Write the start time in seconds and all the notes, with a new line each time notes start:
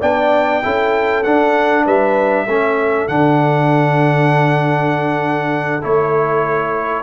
0.00 B3 D4 D5 G5
0.62 C#4 E4 A4
1.23 D4 F#5
1.85 G3 B4 E5
2.46 A3 C#4 A4
3.08 D3 D4 F#5
5.82 A3 E4 C#5